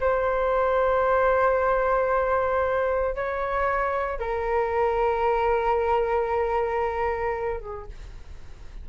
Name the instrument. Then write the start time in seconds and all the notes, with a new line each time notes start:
flute
0.00 C5
3.15 C#5
4.19 A#4
7.60 G#4